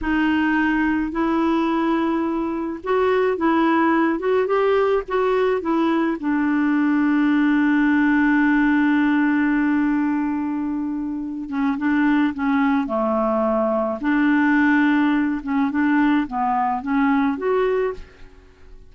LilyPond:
\new Staff \with { instrumentName = "clarinet" } { \time 4/4 \tempo 4 = 107 dis'2 e'2~ | e'4 fis'4 e'4. fis'8 | g'4 fis'4 e'4 d'4~ | d'1~ |
d'1~ | d'8 cis'8 d'4 cis'4 a4~ | a4 d'2~ d'8 cis'8 | d'4 b4 cis'4 fis'4 | }